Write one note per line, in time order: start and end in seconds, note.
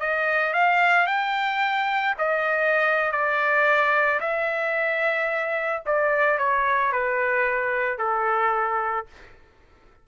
0.00 0.54 D#5
0.54 1.07 F5
1.07 2.15 G5
2.18 3.12 D#5
3.12 4.20 D5
4.20 5.83 E5
5.86 6.38 D5
6.38 6.92 C#5
6.92 7.98 B4
7.98 9.06 A4